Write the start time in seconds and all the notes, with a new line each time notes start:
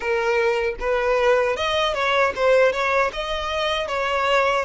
0.00 A#4
0.79 B4
1.56 D#5
1.93 C#5
2.35 C5
2.72 C#5
3.12 D#5
3.87 C#5